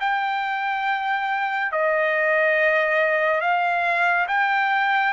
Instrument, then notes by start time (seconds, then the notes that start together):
trumpet
0.00 G5
1.72 D#5
3.41 F5
4.28 G5